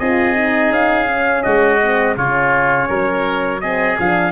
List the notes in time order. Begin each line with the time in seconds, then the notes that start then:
0.00 C4 F4 G#4 D#5
0.35 D#4
0.71 C#4 F5
1.08 C#4
1.43 G#3 F#4 D#5
1.82 C4
2.16 C#3 C#4 F4 C#5
2.89 F#3 A#4
3.61 C4 G#4 D#5
3.99 F3 D4 F5